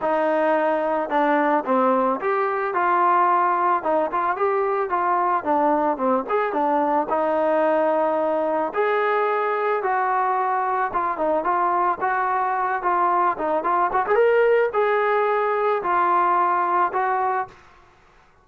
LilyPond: \new Staff \with { instrumentName = "trombone" } { \time 4/4 \tempo 4 = 110 dis'2 d'4 c'4 | g'4 f'2 dis'8 f'8 | g'4 f'4 d'4 c'8 gis'8 | d'4 dis'2. |
gis'2 fis'2 | f'8 dis'8 f'4 fis'4. f'8~ | f'8 dis'8 f'8 fis'16 gis'16 ais'4 gis'4~ | gis'4 f'2 fis'4 | }